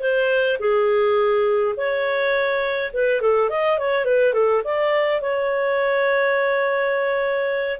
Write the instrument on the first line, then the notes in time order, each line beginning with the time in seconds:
clarinet
0.00 C5
0.59 G#4
1.76 C#5
2.93 B4
3.21 A4
3.49 D#5
3.79 C#5
4.05 B4
4.33 A4
4.64 D5
5.21 C#5